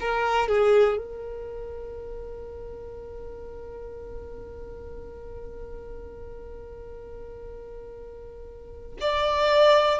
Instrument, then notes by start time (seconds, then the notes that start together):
violin
0.00 A#4
0.48 G#4
0.97 A#4
9.00 D5